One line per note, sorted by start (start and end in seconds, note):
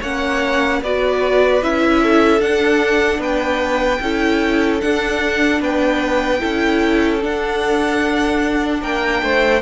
0.00 0.81 A#3
0.00 0.83 C#4
0.00 0.80 C#5
0.00 0.83 F#5
0.81 1.61 B3
0.81 1.62 F#4
0.81 2.02 B4
0.81 1.63 D5
1.62 2.41 C#4
1.62 2.39 E4
1.62 2.41 E5
2.02 3.20 A4
2.39 3.99 D4
2.39 3.18 D4
2.39 3.21 F#5
3.18 3.98 B3
3.18 4.00 B4
3.18 4.81 G5
4.01 4.81 C#4
4.01 4.81 E4
4.01 5.61 A4
4.81 6.39 D4
4.81 5.61 D4
4.81 5.61 F#5
5.61 6.41 B3
5.61 6.40 B4
5.61 7.23 G5
6.39 7.23 C#4
6.39 7.19 E4
6.39 8.80 A4
7.21 9.61 D4
7.21 8.82 D4
7.21 8.82 F#5
8.81 9.22 A#3
8.81 9.21 A#4
8.81 9.62 G5
9.22 9.62 A3
9.22 9.62 C5